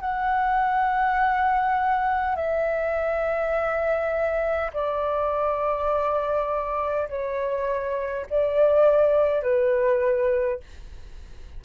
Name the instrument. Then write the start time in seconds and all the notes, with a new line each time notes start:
flute
0.00 F#5
2.35 E5
4.73 D5
7.09 C#5
8.30 D5
9.42 B4